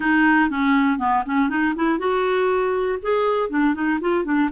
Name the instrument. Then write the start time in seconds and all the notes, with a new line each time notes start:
clarinet
0.00 D#4
0.50 C#4
0.98 B3
1.26 C#4
1.49 D#4
1.75 E4
1.99 F#4
3.02 G#4
3.49 D4
3.74 D#4
4.00 F4
4.24 D4